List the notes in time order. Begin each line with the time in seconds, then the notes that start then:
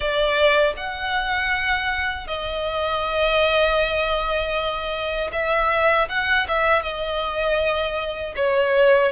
0.00 D5
0.77 F#5
2.27 D#5
5.32 E5
6.08 F#5
6.48 E5
6.82 D#5
8.36 C#5